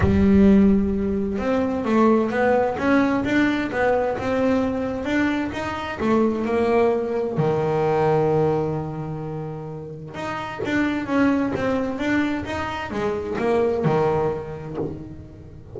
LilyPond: \new Staff \with { instrumentName = "double bass" } { \time 4/4 \tempo 4 = 130 g2. c'4 | a4 b4 cis'4 d'4 | b4 c'2 d'4 | dis'4 a4 ais2 |
dis1~ | dis2 dis'4 d'4 | cis'4 c'4 d'4 dis'4 | gis4 ais4 dis2 | }